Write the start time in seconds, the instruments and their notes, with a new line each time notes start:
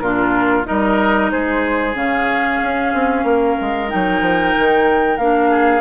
0.00 bassoon A#2, clarinet D4, oboe F4, flute A#4
0.64 bassoon G3, clarinet D#4, oboe A#4, flute D#5
1.31 bassoon G#3, oboe G#4, flute C5
1.95 bassoon C#3, clarinet C#4, flute F5
2.63 bassoon C#4
2.94 bassoon C4
3.24 bassoon A#3, oboe A#4
3.61 bassoon G#3
3.89 bassoon F#3, clarinet D#4, flute G5
4.21 bassoon F3
4.58 bassoon D#3
5.18 bassoon A#3, clarinet D4, flute F5
5.51 oboe G#4